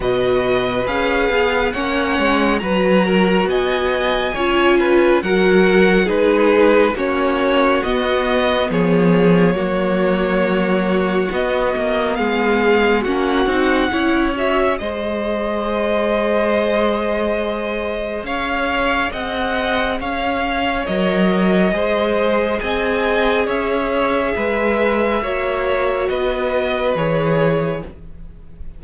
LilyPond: <<
  \new Staff \with { instrumentName = "violin" } { \time 4/4 \tempo 4 = 69 dis''4 f''4 fis''4 ais''4 | gis''2 fis''4 b'4 | cis''4 dis''4 cis''2~ | cis''4 dis''4 f''4 fis''4~ |
fis''8 e''8 dis''2.~ | dis''4 f''4 fis''4 f''4 | dis''2 gis''4 e''4~ | e''2 dis''4 cis''4 | }
  \new Staff \with { instrumentName = "violin" } { \time 4/4 b'2 cis''4 b'8 ais'8 | dis''4 cis''8 b'8 ais'4 gis'4 | fis'2 gis'4 fis'4~ | fis'2 gis'4 fis'4 |
cis''4 c''2.~ | c''4 cis''4 dis''4 cis''4~ | cis''4 c''4 dis''4 cis''4 | b'4 cis''4 b'2 | }
  \new Staff \with { instrumentName = "viola" } { \time 4/4 fis'4 gis'4 cis'4 fis'4~ | fis'4 f'4 fis'4 dis'4 | cis'4 b2 ais4~ | ais4 b2 cis'8 dis'8 |
e'8 fis'8 gis'2.~ | gis'1 | ais'4 gis'2.~ | gis'4 fis'2 gis'4 | }
  \new Staff \with { instrumentName = "cello" } { \time 4/4 b,4 cis'8 b8 ais8 gis8 fis4 | b4 cis'4 fis4 gis4 | ais4 b4 f4 fis4~ | fis4 b8 ais8 gis4 ais8 c'8 |
cis'4 gis2.~ | gis4 cis'4 c'4 cis'4 | fis4 gis4 c'4 cis'4 | gis4 ais4 b4 e4 | }
>>